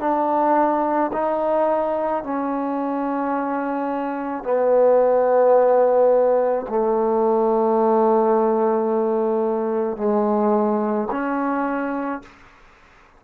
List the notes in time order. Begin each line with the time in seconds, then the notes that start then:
0.00 D4
1.13 D#4
2.24 C#4
4.44 B3
6.69 A3
9.97 G#3
11.12 C#4